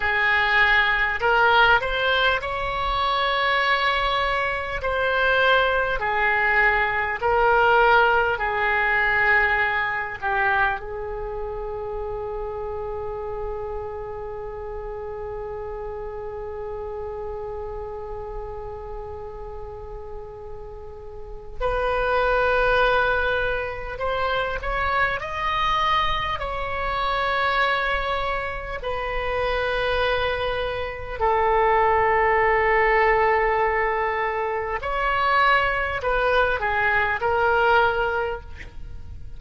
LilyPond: \new Staff \with { instrumentName = "oboe" } { \time 4/4 \tempo 4 = 50 gis'4 ais'8 c''8 cis''2 | c''4 gis'4 ais'4 gis'4~ | gis'8 g'8 gis'2.~ | gis'1~ |
gis'2 b'2 | c''8 cis''8 dis''4 cis''2 | b'2 a'2~ | a'4 cis''4 b'8 gis'8 ais'4 | }